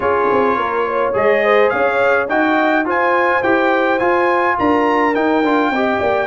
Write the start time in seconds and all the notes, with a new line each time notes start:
0.00 C#4 F4 G#4 C#5
0.31 C4
0.56 A#3 A#4
0.87 C#5
1.13 G#3 G#4 D#5
1.44 C5
1.69 C#4 C#5 F5
2.28 D#4 F#4 D#5 G5
2.84 F4 C5 G#5
3.42 E4 G4 G5
3.98 F4 G#5
4.57 D4 A#4 A#5
5.14 D#4 G5
5.42 D4 F4
5.70 C4 G4 D#5
5.99 A#3 D5